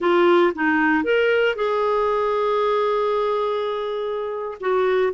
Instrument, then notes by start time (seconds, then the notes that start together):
clarinet
0.00 F4
0.54 D#4
1.04 A#4
1.55 G#4
4.60 F#4